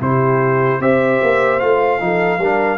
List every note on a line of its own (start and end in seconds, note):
0.00 0.79 C3
0.00 0.81 E4
0.00 0.80 G4
0.00 0.81 C5
0.79 1.19 C4
0.79 1.60 G4
0.79 2.00 C5
0.79 1.59 E5
1.22 1.61 A#3
1.59 2.01 A3
1.59 2.00 F4
1.59 2.78 F5
2.00 2.38 F3
2.00 2.40 D#4
2.00 2.40 A4
2.38 2.78 G3
2.38 2.78 D4
2.38 2.78 A#4